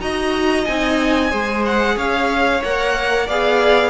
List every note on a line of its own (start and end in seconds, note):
0.00 0.66 D#4
0.00 0.65 F#4
0.00 1.30 D#5
0.00 0.65 A#5
0.65 1.32 C4
0.65 1.30 D#4
0.65 1.63 G#5
1.30 1.97 G#3
1.30 2.61 G#4
1.30 1.96 C5
1.66 1.98 F#5
1.96 2.62 C#4
1.96 3.27 C#5
1.96 2.63 F5
2.63 3.29 A#3
2.63 3.29 A#4
2.63 3.29 F#5
3.27 3.90 B3
3.27 3.90 G#4
3.27 3.90 D5
3.27 3.90 F5